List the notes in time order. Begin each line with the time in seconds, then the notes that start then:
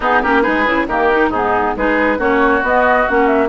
0.00 B3 D#4 G#4
0.22 A#3 C#4 G4 A#4
0.42 G#3 D#4 G#4 B4
0.66 C#3 E4
0.86 D#3 A#3 G4 A#4
1.11 D#4
1.28 G#2 B3 D#4 G#4
1.76 G#3 D#4 G#4 B4
2.18 A#3 C#4 F#4 C#5
2.62 B3 D#5
3.08 A#3 C#4 F#5
3.26 E5